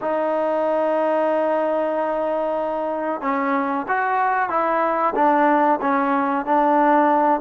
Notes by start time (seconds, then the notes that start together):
0.01 D#4
3.21 C#4
3.88 F#4
4.49 E4
5.15 D4
5.81 C#4
6.45 D4